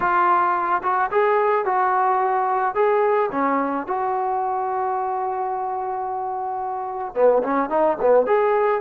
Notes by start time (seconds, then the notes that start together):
0.00 F4
0.83 F#4
1.11 G#4
1.65 F#4
2.74 G#4
3.31 C#4
3.87 F#4
7.15 B3
7.43 C#4
7.69 D#4
8.01 B3
8.26 G#4